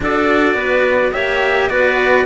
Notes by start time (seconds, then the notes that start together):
0.00 D4 F#4 A4 D5
0.54 B3 B4
1.12 A#3 G4 C#5 E5
1.69 B3 F#4 B4 D5